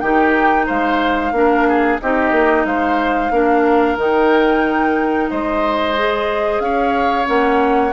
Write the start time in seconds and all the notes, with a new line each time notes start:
0.00 D#3 D#4 G4 G5
0.66 G#3 C5 F5
1.32 A#3 D4 A#4
1.69 G#4
2.02 C4 D#4 G4 D#5
2.32 A#3
2.66 G#3 C5 F5
3.31 A#3 D4 A#4
3.98 D#3 D#4 G5
5.30 G#3 C5 D#5
5.97 G#4
6.60 C#4 C#5 F5
7.26 A#3 C#4 F#5